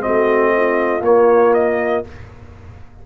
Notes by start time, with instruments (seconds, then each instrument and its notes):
0.00 trombone C4, horn F#4, trumpet D#5
0.07 tuba A3
0.56 horn F4
1.01 tuba A#3, trombone A#3, trumpet C#5
1.54 trumpet D#5